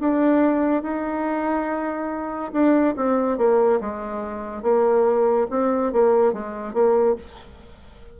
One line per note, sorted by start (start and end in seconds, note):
0.00 0.83 D4
0.83 2.52 D#4
2.53 2.95 D4
2.97 3.38 C4
3.38 3.80 A#3
3.81 4.63 G#3
4.63 5.47 A#3
5.50 5.93 C4
5.93 6.33 A#3
6.33 6.73 G#3
6.73 7.16 A#3